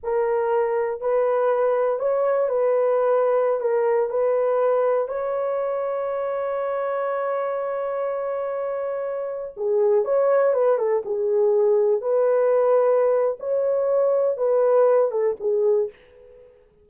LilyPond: \new Staff \with { instrumentName = "horn" } { \time 4/4 \tempo 4 = 121 ais'2 b'2 | cis''4 b'2~ b'16 ais'8.~ | ais'16 b'2 cis''4.~ cis''16~ | cis''1~ |
cis''2.~ cis''16 gis'8.~ | gis'16 cis''4 b'8 a'8 gis'4.~ gis'16~ | gis'16 b'2~ b'8. cis''4~ | cis''4 b'4. a'8 gis'4 | }